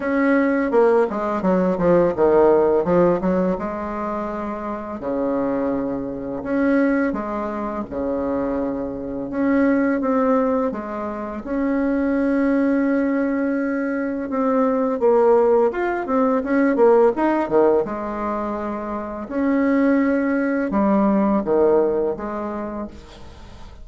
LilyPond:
\new Staff \with { instrumentName = "bassoon" } { \time 4/4 \tempo 4 = 84 cis'4 ais8 gis8 fis8 f8 dis4 | f8 fis8 gis2 cis4~ | cis4 cis'4 gis4 cis4~ | cis4 cis'4 c'4 gis4 |
cis'1 | c'4 ais4 f'8 c'8 cis'8 ais8 | dis'8 dis8 gis2 cis'4~ | cis'4 g4 dis4 gis4 | }